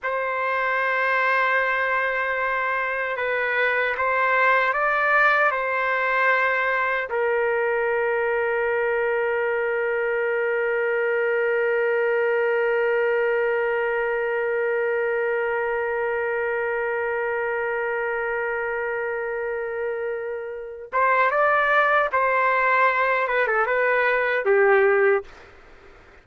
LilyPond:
\new Staff \with { instrumentName = "trumpet" } { \time 4/4 \tempo 4 = 76 c''1 | b'4 c''4 d''4 c''4~ | c''4 ais'2.~ | ais'1~ |
ais'1~ | ais'1~ | ais'2~ ais'8 c''8 d''4 | c''4. b'16 a'16 b'4 g'4 | }